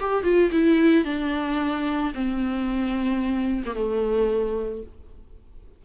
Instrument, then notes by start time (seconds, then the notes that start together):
viola
0.00 G4
0.24 F4
0.52 E4
1.05 D4
2.15 C4
3.66 A#3
3.75 A3